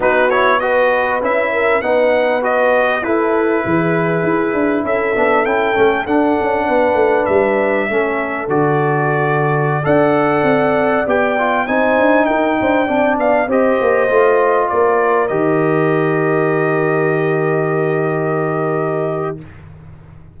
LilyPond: <<
  \new Staff \with { instrumentName = "trumpet" } { \time 4/4 \tempo 4 = 99 b'8 cis''8 dis''4 e''4 fis''4 | dis''4 b'2. | e''4 g''4 fis''2 | e''2 d''2~ |
d''16 fis''2 g''4 gis''8.~ | gis''16 g''4. f''8 dis''4.~ dis''16~ | dis''16 d''4 dis''2~ dis''8.~ | dis''1 | }
  \new Staff \with { instrumentName = "horn" } { \time 4/4 fis'4 b'4. ais'8 b'4~ | b'4 a'4 gis'2 | a'2. b'4~ | b'4 a'2.~ |
a'16 d''2. c''8.~ | c''16 ais'8 c''8 d''4 c''4.~ c''16~ | c''16 ais'2.~ ais'8.~ | ais'1 | }
  \new Staff \with { instrumentName = "trombone" } { \time 4/4 dis'8 e'8 fis'4 e'4 dis'4 | fis'4 e'2.~ | e'8 d'8 e'8 cis'8 d'2~ | d'4 cis'4 fis'2~ |
fis'16 a'2 g'8 f'8 dis'8.~ | dis'4~ dis'16 d'4 g'4 f'8.~ | f'4~ f'16 g'2~ g'8.~ | g'1 | }
  \new Staff \with { instrumentName = "tuba" } { \time 4/4 b2 cis'4 b4~ | b4 e'4 e4 e'8 d'8 | cis'8 b8 cis'8 a8 d'8 cis'8 b8 a8 | g4 a4 d2~ |
d16 d'4 c'4 b4 c'8 d'16~ | d'16 dis'8 d'8 c'8 b8 c'8 ais8 a8.~ | a16 ais4 dis2~ dis8.~ | dis1 | }
>>